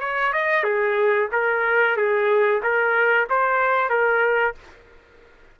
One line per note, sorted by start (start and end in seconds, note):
0.00 0.32 C#5
0.32 0.63 D#5
0.63 1.29 G#4
1.32 1.96 A#4
1.96 2.61 G#4
2.63 3.28 A#4
3.29 3.90 C5
3.90 4.55 A#4